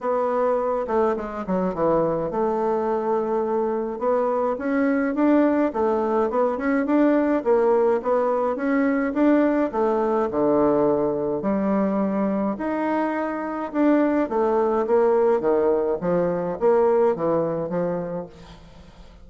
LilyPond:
\new Staff \with { instrumentName = "bassoon" } { \time 4/4 \tempo 4 = 105 b4. a8 gis8 fis8 e4 | a2. b4 | cis'4 d'4 a4 b8 cis'8 | d'4 ais4 b4 cis'4 |
d'4 a4 d2 | g2 dis'2 | d'4 a4 ais4 dis4 | f4 ais4 e4 f4 | }